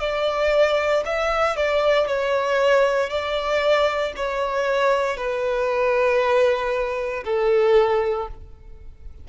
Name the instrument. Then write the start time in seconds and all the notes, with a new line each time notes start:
violin
0.00 D5
1.05 E5
1.56 D5
2.07 C#5
3.09 D5
4.16 C#5
5.17 B4
7.24 A4